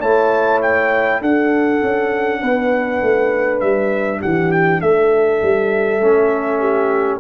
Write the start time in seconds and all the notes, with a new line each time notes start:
0.00 A3 E4 C#5 A5
0.62 G5
1.21 D4 A4 F#5
1.82 C#4
2.42 B3 B4
3.02 A3
3.60 G3 E5
4.21 E3 G4 F#5
4.52 G5
4.81 A3 A4 E5
5.43 G3
6.01 A3 C#4
6.60 G4